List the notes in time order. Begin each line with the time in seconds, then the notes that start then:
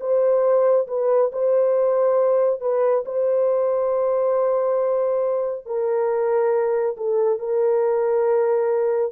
0.00 C5
0.87 B4
1.32 C5
2.60 B4
3.05 C5
5.66 A#4
6.97 A4
7.39 A#4